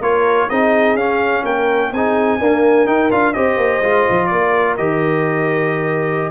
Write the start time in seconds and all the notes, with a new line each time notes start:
0.00 A#3 F4 A#4 C#5
0.49 C4 D#4 G#4 D#5
0.95 C#4 F5
1.42 A#3 A#4 G5
1.92 C4 D#4 G#4 G#5
2.39 A#3 D4 A#4
2.86 D#4 G5
3.10 D4 F4 F5
3.33 C4 G4 C5 D#5
3.56 A#3
3.81 G#3 F4
4.09 F3
4.26 A#3 D5
4.33 A#4
4.77 D#3 G4 D#5